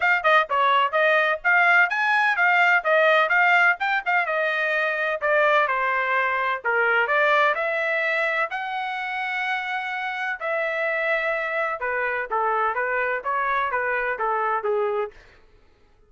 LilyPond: \new Staff \with { instrumentName = "trumpet" } { \time 4/4 \tempo 4 = 127 f''8 dis''8 cis''4 dis''4 f''4 | gis''4 f''4 dis''4 f''4 | g''8 f''8 dis''2 d''4 | c''2 ais'4 d''4 |
e''2 fis''2~ | fis''2 e''2~ | e''4 b'4 a'4 b'4 | cis''4 b'4 a'4 gis'4 | }